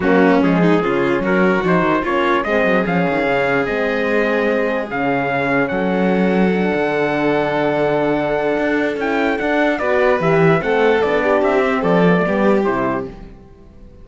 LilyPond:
<<
  \new Staff \with { instrumentName = "trumpet" } { \time 4/4 \tempo 4 = 147 fis'4 gis'2 ais'4 | c''4 cis''4 dis''4 f''4~ | f''4 dis''2. | f''2 fis''2~ |
fis''1~ | fis''2 g''4 fis''4 | d''4 e''4 fis''4 d''4 | e''4 d''2 c''4 | }
  \new Staff \with { instrumentName = "violin" } { \time 4/4 cis'4. dis'8 f'4 fis'4~ | fis'4 f'4 gis'2~ | gis'1~ | gis'2 a'2~ |
a'1~ | a'1 | b'2 a'4. g'8~ | g'4 a'4 g'2 | }
  \new Staff \with { instrumentName = "horn" } { \time 4/4 ais4 gis4 cis'2 | dis'4 cis'4 c'4 cis'4~ | cis'4 c'2. | cis'1 |
d'1~ | d'2 e'4 d'4 | fis'4 g'4 c'4 d'4~ | d'8 c'4 b16 a16 b4 e'4 | }
  \new Staff \with { instrumentName = "cello" } { \time 4/4 fis4 f4 cis4 fis4 | f8 dis8 ais4 gis8 fis8 f8 dis8 | cis4 gis2. | cis2 fis2~ |
fis8 d2.~ d8~ | d4 d'4 cis'4 d'4 | b4 e4 a4 b4 | c'4 f4 g4 c4 | }
>>